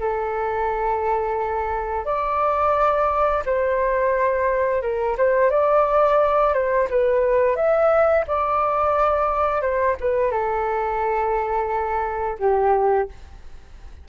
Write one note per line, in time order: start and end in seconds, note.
0.00 2.06 A4
2.06 3.44 D5
3.46 4.82 C5
4.82 5.17 A#4
5.18 5.51 C5
5.51 6.54 D5
6.54 6.89 C5
6.90 7.56 B4
7.56 8.25 E5
8.28 9.62 D5
9.62 9.97 C5
10.01 10.32 B4
10.32 12.39 A4
12.40 13.09 G4